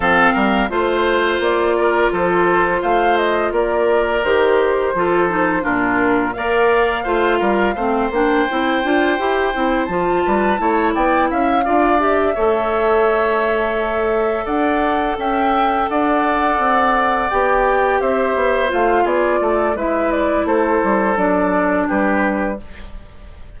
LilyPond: <<
  \new Staff \with { instrumentName = "flute" } { \time 4/4 \tempo 4 = 85 f''4 c''4 d''4 c''4 | f''8 dis''8 d''4 c''2 | ais'4 f''2~ f''8 g''8~ | g''2 a''4. g''8 |
f''4 e''2.~ | e''8 fis''4 g''4 fis''4.~ | fis''8 g''4 e''4 f''8 d''4 | e''8 d''8 c''4 d''4 b'4 | }
  \new Staff \with { instrumentName = "oboe" } { \time 4/4 a'8 ais'8 c''4. ais'8 a'4 | c''4 ais'2 a'4 | f'4 d''4 c''8 ais'8 c''4~ | c''2~ c''8 b'8 cis''8 d''8 |
e''8 d''4 cis''2~ cis''8~ | cis''8 d''4 e''4 d''4.~ | d''4. c''4. gis'8 a'8 | b'4 a'2 g'4 | }
  \new Staff \with { instrumentName = "clarinet" } { \time 4/4 c'4 f'2.~ | f'2 g'4 f'8 dis'8 | d'4 ais'4 f'4 c'8 d'8 | e'8 f'8 g'8 e'8 f'4 e'4~ |
e'8 f'8 g'8 a'2~ a'8~ | a'1~ | a'8 g'2 f'4. | e'2 d'2 | }
  \new Staff \with { instrumentName = "bassoon" } { \time 4/4 f8 g8 a4 ais4 f4 | a4 ais4 dis4 f4 | ais,4 ais4 a8 g8 a8 ais8 | c'8 d'8 e'8 c'8 f8 g8 a8 b8 |
cis'8 d'4 a2~ a8~ | a8 d'4 cis'4 d'4 c'8~ | c'8 b4 c'8 b8 a8 b8 a8 | gis4 a8 g8 fis4 g4 | }
>>